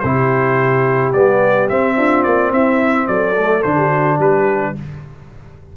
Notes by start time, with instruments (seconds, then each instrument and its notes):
0.00 tuba C3, trombone E4, horn G4, trumpet C5
1.13 tuba G3, trombone B3, trumpet D5
1.69 trombone C4, tuba C4, trumpet E5
1.96 tuba D4, horn F4
2.23 tuba A#3, trumpet D5
2.52 tuba C4, horn E4, trumpet E5
3.08 tuba F#3, horn A4, trumpet D5
3.37 trombone A3
3.63 tuba D3, trombone D4, trumpet C5
3.77 horn G4
3.89 horn F#4
4.18 tuba G3, horn G4, trumpet B4